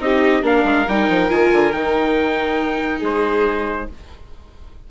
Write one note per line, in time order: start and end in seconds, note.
0.00 0.43 C4
0.00 0.43 D#4
0.00 0.45 G4
0.00 0.45 D#5
0.43 0.64 A#3
0.43 0.86 D4
0.43 2.98 A#4
0.43 0.89 F5
0.65 0.86 G#3
0.88 1.09 G3
0.88 1.30 D#4
0.88 1.31 G5
1.09 1.30 F3
1.30 1.52 D#3
1.30 1.73 F4
1.30 1.73 G#5
1.53 1.73 D3
1.73 3.02 D#3
1.73 3.87 D#4
1.73 3.02 G5
2.98 3.88 G#3
2.98 3.84 G#4
3.05 3.91 C5